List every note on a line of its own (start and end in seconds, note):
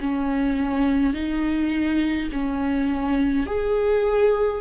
0.00 1.14 C#4
1.14 2.29 D#4
2.32 3.47 C#4
3.47 4.61 G#4